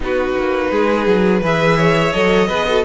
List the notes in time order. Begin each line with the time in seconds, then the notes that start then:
0.00 B3 D#4 F#4 B4
0.38 A#3
0.71 G#3 G#4
1.07 F#3
1.41 E3 G#4 B4 E5
1.76 C#5
2.12 F#3 A4 D#5
2.47 B3 G#4 B4
2.67 F#4 A4